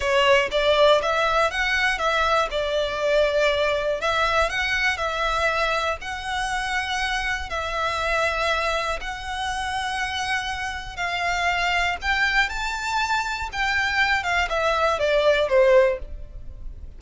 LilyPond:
\new Staff \with { instrumentName = "violin" } { \time 4/4 \tempo 4 = 120 cis''4 d''4 e''4 fis''4 | e''4 d''2. | e''4 fis''4 e''2 | fis''2. e''4~ |
e''2 fis''2~ | fis''2 f''2 | g''4 a''2 g''4~ | g''8 f''8 e''4 d''4 c''4 | }